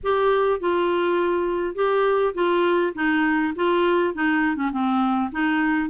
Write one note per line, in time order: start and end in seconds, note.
0.03 0.59 G4
0.59 1.75 F4
1.75 2.34 G4
2.34 2.93 F4
2.94 3.53 D#4
3.55 4.14 F4
4.14 4.56 D#4
4.56 4.70 C#4
4.71 5.30 C4
5.31 5.89 D#4